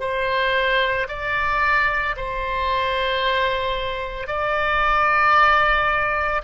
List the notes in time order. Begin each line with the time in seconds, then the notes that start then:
0.00 C5
1.08 D5
2.16 C5
4.27 D5